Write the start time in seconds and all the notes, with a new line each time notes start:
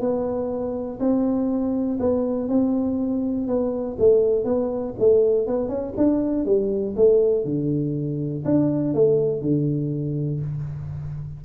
0.00 B3
1.00 C4
2.00 B3
2.49 C4
3.48 B3
3.99 A3
4.45 B3
4.99 A3
5.47 B3
5.68 C#4
5.97 D4
6.46 G3
6.96 A3
7.45 D3
8.45 D4
8.94 A3
9.41 D3